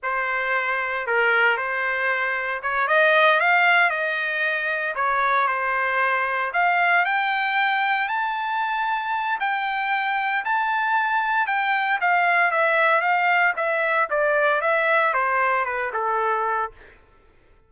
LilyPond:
\new Staff \with { instrumentName = "trumpet" } { \time 4/4 \tempo 4 = 115 c''2 ais'4 c''4~ | c''4 cis''8 dis''4 f''4 dis''8~ | dis''4. cis''4 c''4.~ | c''8 f''4 g''2 a''8~ |
a''2 g''2 | a''2 g''4 f''4 | e''4 f''4 e''4 d''4 | e''4 c''4 b'8 a'4. | }